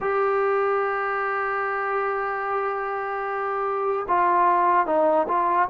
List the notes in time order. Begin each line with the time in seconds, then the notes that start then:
0.00 G4
4.08 F4
4.86 D#4
5.28 F4